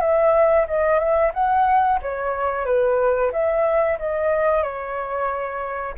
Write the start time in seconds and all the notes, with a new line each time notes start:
0.00 E5
0.67 D#5
0.99 E5
1.34 F#5
2.01 C#5
2.65 B4
3.32 E5
3.99 D#5
4.62 C#5